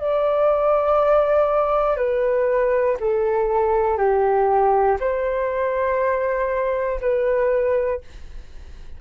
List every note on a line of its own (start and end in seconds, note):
0.00 1.97 D5
1.97 2.97 B4
3.00 3.98 A4
3.98 4.98 G4
5.00 7.00 C5
7.01 8.01 B4